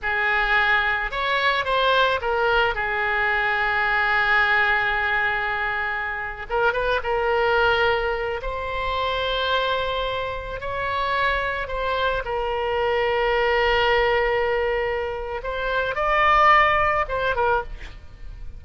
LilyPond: \new Staff \with { instrumentName = "oboe" } { \time 4/4 \tempo 4 = 109 gis'2 cis''4 c''4 | ais'4 gis'2.~ | gis'2.~ gis'8. ais'16~ | ais'16 b'8 ais'2~ ais'8 c''8.~ |
c''2.~ c''16 cis''8.~ | cis''4~ cis''16 c''4 ais'4.~ ais'16~ | ais'1 | c''4 d''2 c''8 ais'8 | }